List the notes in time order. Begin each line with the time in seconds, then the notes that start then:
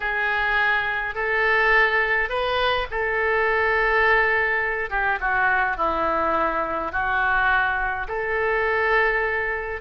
0.00 G#4
1.15 A4
2.29 B4
2.90 A4
4.90 G4
5.20 F#4
5.76 E4
6.92 F#4
8.08 A4